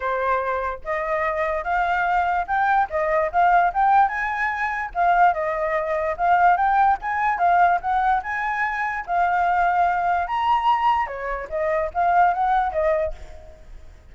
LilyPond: \new Staff \with { instrumentName = "flute" } { \time 4/4 \tempo 4 = 146 c''2 dis''2 | f''2 g''4 dis''4 | f''4 g''4 gis''2 | f''4 dis''2 f''4 |
g''4 gis''4 f''4 fis''4 | gis''2 f''2~ | f''4 ais''2 cis''4 | dis''4 f''4 fis''4 dis''4 | }